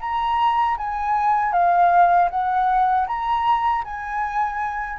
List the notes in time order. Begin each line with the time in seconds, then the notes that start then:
0.00 A#5
0.78 G#5
1.52 F5
2.30 F#5
3.07 A#5
3.85 G#5